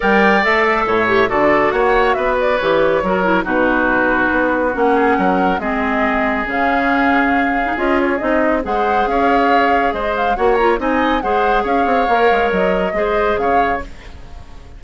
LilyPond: <<
  \new Staff \with { instrumentName = "flute" } { \time 4/4 \tempo 4 = 139 g''4 e''2 d''4 | fis''4 e''8 d''8 cis''2 | b'2. fis''4~ | fis''4 dis''2 f''4~ |
f''2 dis''8 cis''8 dis''4 | fis''4 f''2 dis''8 f''8 | fis''8 ais''8 gis''4 fis''4 f''4~ | f''4 dis''2 f''4 | }
  \new Staff \with { instrumentName = "oboe" } { \time 4/4 d''2 cis''4 a'4 | cis''4 b'2 ais'4 | fis'2.~ fis'8 gis'8 | ais'4 gis'2.~ |
gis'1 | c''4 cis''2 c''4 | cis''4 dis''4 c''4 cis''4~ | cis''2 c''4 cis''4 | }
  \new Staff \with { instrumentName = "clarinet" } { \time 4/4 ais'4 a'4. g'8 fis'4~ | fis'2 g'4 fis'8 e'8 | dis'2. cis'4~ | cis'4 c'2 cis'4~ |
cis'4.~ cis'16 dis'16 f'4 dis'4 | gis'1 | fis'8 f'8 dis'4 gis'2 | ais'2 gis'2 | }
  \new Staff \with { instrumentName = "bassoon" } { \time 4/4 g4 a4 a,4 d4 | ais4 b4 e4 fis4 | b,2 b4 ais4 | fis4 gis2 cis4~ |
cis2 cis'4 c'4 | gis4 cis'2 gis4 | ais4 c'4 gis4 cis'8 c'8 | ais8 gis8 fis4 gis4 cis4 | }
>>